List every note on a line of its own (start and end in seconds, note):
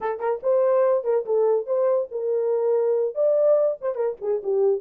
0.00 0.19 A4
0.19 0.40 A#4
0.43 1.04 C5
1.04 1.25 A#4
1.25 1.66 A4
1.66 2.08 C5
2.11 3.14 A#4
3.14 3.77 D5
3.81 3.95 C5
3.95 4.16 A#4
4.21 4.42 G#4
4.43 4.81 G4